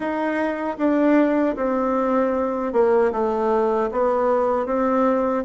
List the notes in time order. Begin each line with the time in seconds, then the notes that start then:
0.00 D#4
0.78 D4
1.55 C4
2.72 A#3
3.12 A3
3.91 B3
4.65 C4